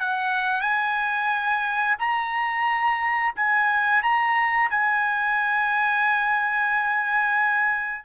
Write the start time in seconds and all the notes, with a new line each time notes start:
0.00 F#5
0.62 G#5
1.99 A#5
3.36 G#5
4.03 A#5
4.71 G#5